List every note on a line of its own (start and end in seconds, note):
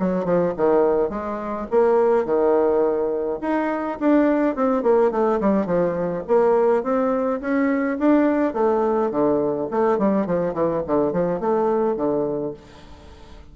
0.00 0.25 F#3
0.25 0.54 F3
0.57 1.10 D#3
1.10 1.67 G#3
1.71 2.25 A#3
2.25 3.40 D#3
3.42 3.99 D#4
4.00 4.56 D4
4.56 4.83 C4
4.83 5.11 A#3
5.11 5.40 A3
5.41 5.66 G3
5.66 6.23 F3
6.28 6.83 A#3
6.83 7.41 C4
7.41 7.98 C#4
7.99 8.54 D4
8.54 9.11 A3
9.11 9.68 D3
9.71 9.99 A3
9.99 10.27 G3
10.27 10.54 F3
10.54 10.82 E3
10.87 11.12 D3
11.12 11.40 F3
11.40 11.97 A3
11.97 12.54 D3